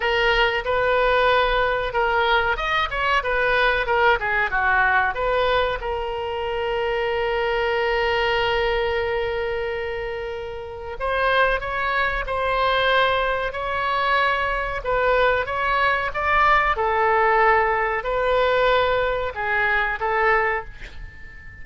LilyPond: \new Staff \with { instrumentName = "oboe" } { \time 4/4 \tempo 4 = 93 ais'4 b'2 ais'4 | dis''8 cis''8 b'4 ais'8 gis'8 fis'4 | b'4 ais'2.~ | ais'1~ |
ais'4 c''4 cis''4 c''4~ | c''4 cis''2 b'4 | cis''4 d''4 a'2 | b'2 gis'4 a'4 | }